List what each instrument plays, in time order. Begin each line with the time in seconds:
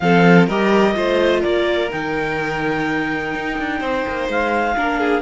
0.00 cello F3, viola C4, violin A4, clarinet F5
0.46 cello G3, viola G4, violin A#4, clarinet D#5
0.94 cello A3, viola F4, violin C5
1.40 cello A#3, violin A#4, clarinet D5
1.90 cello D#3, viola D#4, clarinet G5
3.34 cello D#4
3.58 cello D4
3.79 cello C4, violin C5
4.07 cello A#3
4.28 cello G#3, clarinet F5
4.76 cello A#3, viola D4, violin A#4
4.99 violin G#4